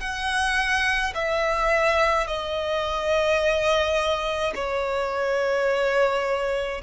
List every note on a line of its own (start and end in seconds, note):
0.00 1.13 F#5
1.14 2.27 E5
2.27 4.53 D#5
4.54 6.81 C#5